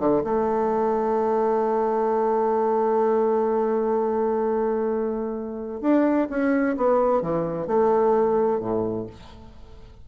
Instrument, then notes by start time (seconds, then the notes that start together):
bassoon
0.00 D3
0.24 A3
5.82 D4
6.30 C#4
6.77 B3
7.22 E3
7.68 A3
8.60 A2